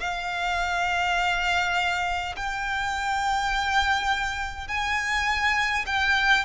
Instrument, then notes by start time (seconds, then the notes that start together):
violin
0.00 F5
2.36 G5
4.68 G#5
5.86 G5